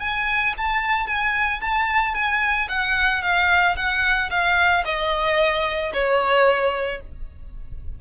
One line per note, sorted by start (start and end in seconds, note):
0.00 0.54 G#5
0.57 1.07 A5
1.07 1.60 G#5
1.61 2.14 A5
2.14 2.68 G#5
2.69 3.22 F#5
3.22 3.76 F5
3.76 4.30 F#5
4.30 4.84 F5
4.85 5.92 D#5
5.93 7.01 C#5